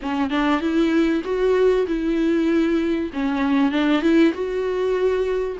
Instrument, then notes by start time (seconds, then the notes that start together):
viola
0.02 C#4
0.30 D4
0.60 E4
1.24 F#4
1.87 E4
3.13 C#4
3.71 D4
4.01 E4
4.33 F#4